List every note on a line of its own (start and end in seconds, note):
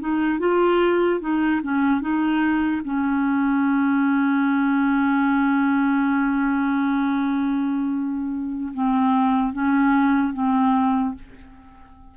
0.00 0.39 D#4
0.39 1.20 F4
1.21 1.61 D#4
1.63 2.00 C#4
2.00 2.82 D#4
2.85 8.72 C#4
8.74 9.53 C4
9.53 10.33 C#4
10.33 11.14 C4